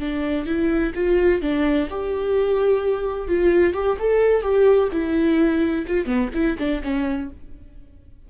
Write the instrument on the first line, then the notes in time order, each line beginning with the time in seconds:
viola
0.00 D4
0.46 E4
0.95 F4
1.42 D4
1.90 G4
3.28 F4
3.74 G4
4.00 A4
4.42 G4
4.92 E4
5.88 F4
6.06 B3
6.34 E4
6.59 D4
6.84 C#4